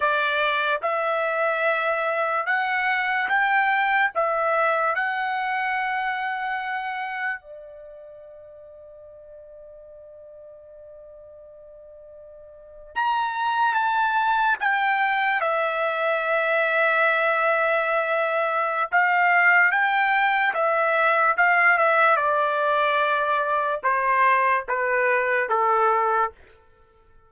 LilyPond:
\new Staff \with { instrumentName = "trumpet" } { \time 4/4 \tempo 4 = 73 d''4 e''2 fis''4 | g''4 e''4 fis''2~ | fis''4 d''2.~ | d''2.~ d''8. ais''16~ |
ais''8. a''4 g''4 e''4~ e''16~ | e''2. f''4 | g''4 e''4 f''8 e''8 d''4~ | d''4 c''4 b'4 a'4 | }